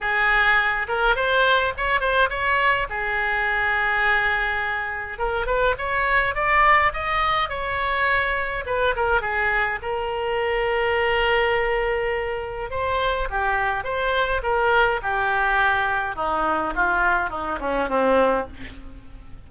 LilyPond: \new Staff \with { instrumentName = "oboe" } { \time 4/4 \tempo 4 = 104 gis'4. ais'8 c''4 cis''8 c''8 | cis''4 gis'2.~ | gis'4 ais'8 b'8 cis''4 d''4 | dis''4 cis''2 b'8 ais'8 |
gis'4 ais'2.~ | ais'2 c''4 g'4 | c''4 ais'4 g'2 | dis'4 f'4 dis'8 cis'8 c'4 | }